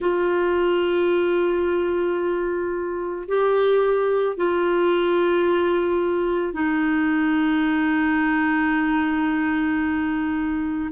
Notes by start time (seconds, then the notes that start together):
0.00 F4
3.28 G4
4.36 F4
6.53 D#4